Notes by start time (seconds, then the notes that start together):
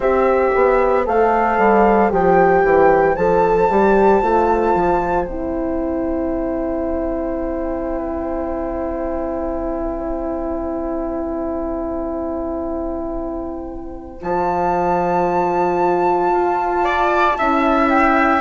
0.00 C4 G4 C5 E5
0.55 B3
1.05 A3 A4 F5
1.58 G3
2.10 F3 G4 G5
2.63 E3
3.15 F3 A4 A5
3.70 G3 G4
4.22 A3 F4
4.74 F3
5.25 C4 E4 G5
14.21 F3 F4 A5
16.32 F4
16.84 D5
17.37 C#4 E4 E5
17.89 G5